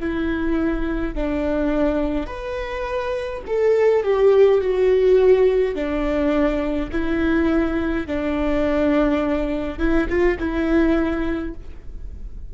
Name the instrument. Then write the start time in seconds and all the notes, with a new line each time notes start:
viola
0.00 E4
1.15 D4
2.27 B4
3.47 A4
4.03 G4
4.61 F#4
5.75 D4
6.92 E4
8.07 D4
9.79 E4
10.09 F4
10.39 E4